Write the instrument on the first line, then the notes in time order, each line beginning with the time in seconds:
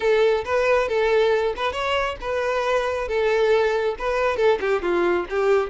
violin
0.00 A4
0.44 B4
0.88 A4
1.56 B4
1.72 C#5
2.20 B4
3.08 A4
3.98 B4
4.37 A4
4.60 G4
4.82 F4
5.29 G4